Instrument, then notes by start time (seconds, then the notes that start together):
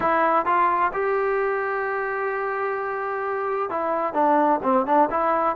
trombone
0.00 E4
0.45 F4
0.93 G4
3.69 E4
4.13 D4
4.63 C4
4.86 D4
5.10 E4